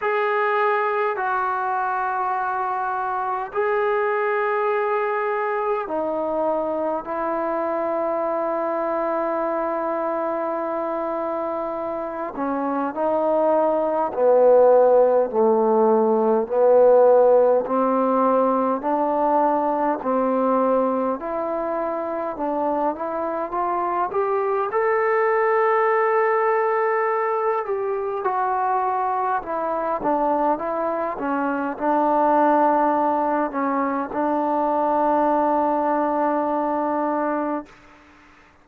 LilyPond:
\new Staff \with { instrumentName = "trombone" } { \time 4/4 \tempo 4 = 51 gis'4 fis'2 gis'4~ | gis'4 dis'4 e'2~ | e'2~ e'8 cis'8 dis'4 | b4 a4 b4 c'4 |
d'4 c'4 e'4 d'8 e'8 | f'8 g'8 a'2~ a'8 g'8 | fis'4 e'8 d'8 e'8 cis'8 d'4~ | d'8 cis'8 d'2. | }